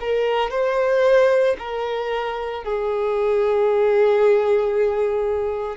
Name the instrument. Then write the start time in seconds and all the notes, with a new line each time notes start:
violin
0.00 A#4
0.51 C5
1.58 A#4
2.64 G#4